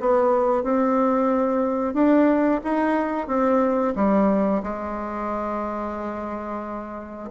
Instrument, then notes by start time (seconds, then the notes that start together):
bassoon
0.00 B3
0.63 C4
1.94 D4
2.64 D#4
3.28 C4
3.95 G3
4.63 G#3